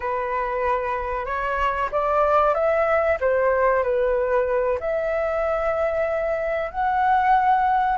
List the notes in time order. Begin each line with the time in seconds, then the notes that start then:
0.00 B4
1.25 C#5
1.91 D5
2.54 E5
3.20 C5
3.83 B4
4.80 E5
6.70 F#5